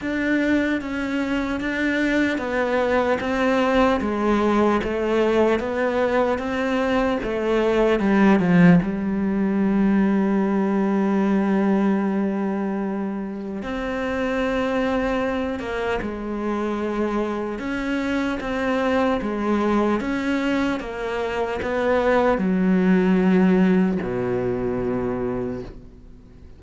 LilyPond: \new Staff \with { instrumentName = "cello" } { \time 4/4 \tempo 4 = 75 d'4 cis'4 d'4 b4 | c'4 gis4 a4 b4 | c'4 a4 g8 f8 g4~ | g1~ |
g4 c'2~ c'8 ais8 | gis2 cis'4 c'4 | gis4 cis'4 ais4 b4 | fis2 b,2 | }